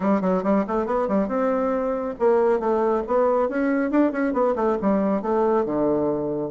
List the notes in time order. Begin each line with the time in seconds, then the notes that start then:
0.00 G3
0.21 F#3
0.43 G3
0.67 A3
0.86 B3
1.08 G3
1.28 C4
2.19 A#3
2.59 A3
3.07 B3
3.48 C#4
3.91 D4
4.12 C#4
4.33 B3
4.55 A3
4.81 G3
5.22 A3
5.65 D3